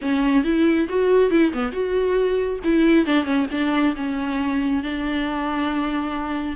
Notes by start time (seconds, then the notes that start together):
0.01 C#4
0.44 E4
0.89 F#4
1.30 E4
1.53 B3
1.71 F#4
2.64 E4
3.06 D4
3.24 C#4
3.51 D4
3.95 C#4
4.83 D4